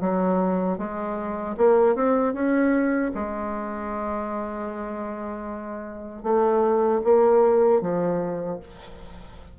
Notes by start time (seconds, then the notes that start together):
0.00 F#3
0.78 G#3
1.57 A#3
1.95 C4
2.33 C#4
3.14 G#3
6.23 A3
7.04 A#3
7.81 F3